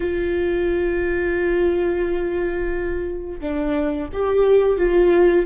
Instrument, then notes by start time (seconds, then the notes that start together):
viola
0.00 F4
3.40 D4
4.12 G4
4.77 F4